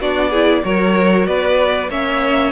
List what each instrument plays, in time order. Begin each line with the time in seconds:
0.00 cello B3, viola D4, violin F#4 D5
0.30 viola E4, violin G#4
0.63 cello F#3, viola F#4, violin A#4 C#5
1.27 cello B3, violin B4 D5
1.89 cello A#3, viola C#4, violin C#5 E5